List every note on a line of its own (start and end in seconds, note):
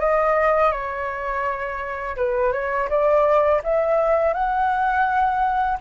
0.00 0.72 D#5
0.72 2.16 C#5
2.17 2.52 B4
2.52 2.88 C#5
2.89 3.62 D5
3.63 4.34 E5
4.34 5.78 F#5